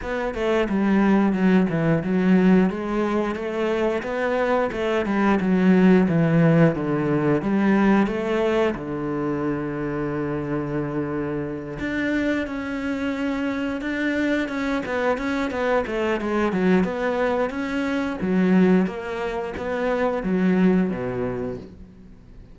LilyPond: \new Staff \with { instrumentName = "cello" } { \time 4/4 \tempo 4 = 89 b8 a8 g4 fis8 e8 fis4 | gis4 a4 b4 a8 g8 | fis4 e4 d4 g4 | a4 d2.~ |
d4. d'4 cis'4.~ | cis'8 d'4 cis'8 b8 cis'8 b8 a8 | gis8 fis8 b4 cis'4 fis4 | ais4 b4 fis4 b,4 | }